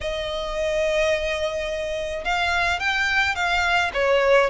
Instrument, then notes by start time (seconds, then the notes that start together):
violin
0.00 D#5
2.24 F5
2.79 G5
3.35 F5
3.93 C#5